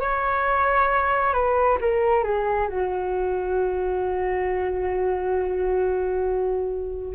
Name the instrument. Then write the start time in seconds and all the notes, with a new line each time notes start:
flute
0.00 C#5
1.33 B4
1.81 A#4
2.23 G#4
2.68 F#4